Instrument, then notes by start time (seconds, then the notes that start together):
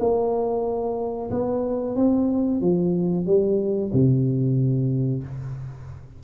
tuba
0.00 A#3
1.31 B3
1.96 C4
2.61 F3
3.26 G3
3.93 C3